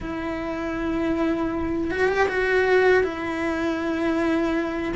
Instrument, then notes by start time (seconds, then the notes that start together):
cello
0.00 E4
1.91 F#4
2.08 G4
2.28 F#4
3.03 E4